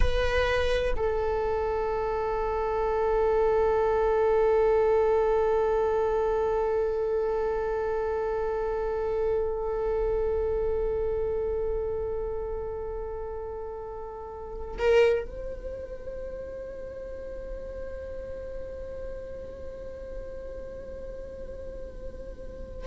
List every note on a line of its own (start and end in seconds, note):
0.00 0.93 B4
0.96 14.77 A4
14.78 15.25 A#4
15.25 22.87 C5